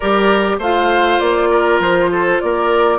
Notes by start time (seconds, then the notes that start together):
0.00 G3 G4 A#4 D5
0.58 A3 F4 C5 F5
1.19 A#3 D5
1.50 A#4
1.79 F3 C5
2.11 A4
2.40 A#3 A#4 D5